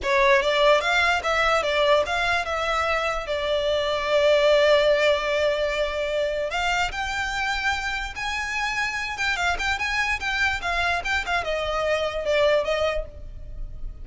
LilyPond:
\new Staff \with { instrumentName = "violin" } { \time 4/4 \tempo 4 = 147 cis''4 d''4 f''4 e''4 | d''4 f''4 e''2 | d''1~ | d''1 |
f''4 g''2. | gis''2~ gis''8 g''8 f''8 g''8 | gis''4 g''4 f''4 g''8 f''8 | dis''2 d''4 dis''4 | }